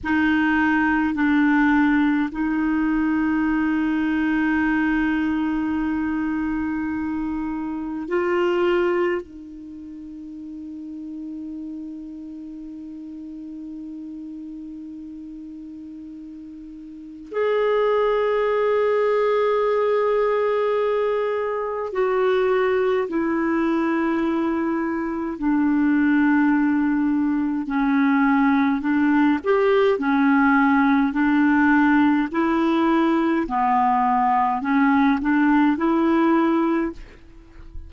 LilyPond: \new Staff \with { instrumentName = "clarinet" } { \time 4/4 \tempo 4 = 52 dis'4 d'4 dis'2~ | dis'2. f'4 | dis'1~ | dis'2. gis'4~ |
gis'2. fis'4 | e'2 d'2 | cis'4 d'8 g'8 cis'4 d'4 | e'4 b4 cis'8 d'8 e'4 | }